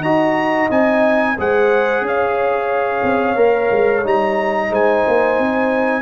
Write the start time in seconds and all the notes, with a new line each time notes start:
0.00 D#4 F#4 D#5 A#5
0.70 C4 D#4 G#5
1.38 G#3 G#4 C5 F#5
2.01 C#4 C#5 F5
3.03 C4
3.35 A#3 A#4
3.71 G#3
4.04 G3 D#4 A#5
4.70 G#3 C5 G#5
5.07 A#3
5.38 C4